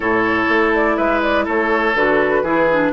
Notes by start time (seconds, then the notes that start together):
0.00 A2 E4 A4 C#5
0.48 A3
0.74 D5
0.97 G#3 B4 E5
1.22 D5
1.44 A3 A4 C#5
1.94 D3 F#4 B4
2.43 E3 E4 G#4
2.72 D4